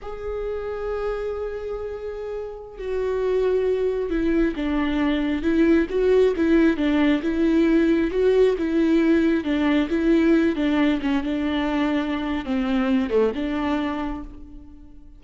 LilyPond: \new Staff \with { instrumentName = "viola" } { \time 4/4 \tempo 4 = 135 gis'1~ | gis'2~ gis'16 fis'4.~ fis'16~ | fis'4~ fis'16 e'4 d'4.~ d'16~ | d'16 e'4 fis'4 e'4 d'8.~ |
d'16 e'2 fis'4 e'8.~ | e'4~ e'16 d'4 e'4. d'16~ | d'8. cis'8 d'2~ d'8. | c'4. a8 d'2 | }